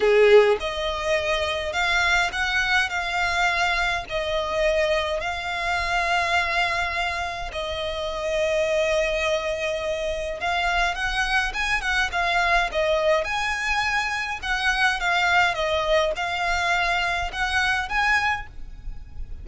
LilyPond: \new Staff \with { instrumentName = "violin" } { \time 4/4 \tempo 4 = 104 gis'4 dis''2 f''4 | fis''4 f''2 dis''4~ | dis''4 f''2.~ | f''4 dis''2.~ |
dis''2 f''4 fis''4 | gis''8 fis''8 f''4 dis''4 gis''4~ | gis''4 fis''4 f''4 dis''4 | f''2 fis''4 gis''4 | }